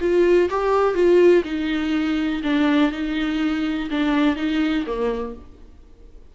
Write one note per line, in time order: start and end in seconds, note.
0.00 0.49 F4
0.50 0.94 G4
0.94 1.43 F4
1.44 2.42 D#4
2.43 2.91 D4
2.91 3.89 D#4
3.90 4.36 D4
4.36 4.84 D#4
4.86 5.35 A#3